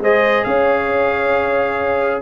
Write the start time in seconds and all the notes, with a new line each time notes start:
0.00 G#3 G#4 C5 D#5
0.44 C#4 C#5 F5